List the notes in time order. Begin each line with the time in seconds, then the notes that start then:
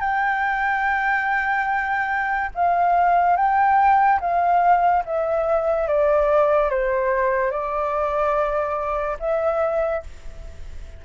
0.00 G5
2.55 F5
3.36 G5
4.20 F5
5.05 E5
5.87 D5
6.70 C5
7.51 D5
9.20 E5